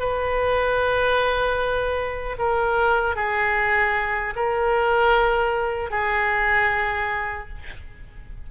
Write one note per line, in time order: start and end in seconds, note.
0.00 2.37 B4
2.39 3.16 A#4
3.16 4.34 G#4
4.36 5.91 A#4
5.91 7.49 G#4